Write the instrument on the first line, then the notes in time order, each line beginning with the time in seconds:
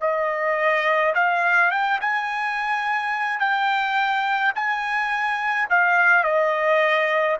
trumpet
0.00 D#5
1.15 F5
1.71 G5
2.01 G#5
3.39 G5
4.55 G#5
5.69 F5
6.23 D#5